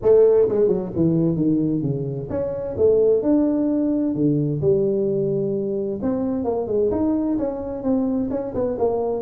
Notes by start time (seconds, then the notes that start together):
0.02 A3
0.48 G#3
0.68 F#3
0.95 E3
1.36 D#3
1.81 C#3
2.29 C#4
2.77 A3
3.22 D4
4.14 D3
4.61 G3
6.01 C4
6.44 A#3
6.67 G#3
6.91 D#4
7.38 C#4
7.83 C4
8.30 C#4
8.54 B3
8.78 A#3